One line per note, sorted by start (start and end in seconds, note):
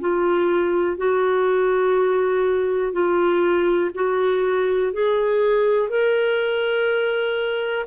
0.00 0.97 F4
0.97 2.92 F#4
2.92 3.91 F4
3.94 4.93 F#4
4.93 5.89 G#4
5.89 7.86 A#4